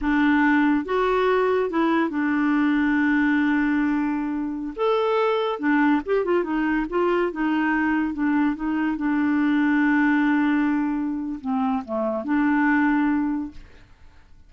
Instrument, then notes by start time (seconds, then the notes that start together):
clarinet
0.01 D4
0.85 F#4
1.70 E4
2.09 D4
4.76 A4
5.59 D4
6.05 G4
6.25 F4
6.43 D#4
6.89 F4
7.32 D#4
8.13 D4
8.55 D#4
8.96 D4
11.40 C4
11.84 A3
12.24 D4